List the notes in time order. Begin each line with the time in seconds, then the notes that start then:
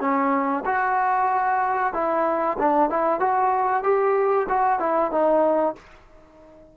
0.00 C#4
0.66 F#4
1.93 E4
2.59 D4
2.90 E4
3.20 F#4
3.83 G4
4.49 F#4
4.80 E4
5.11 D#4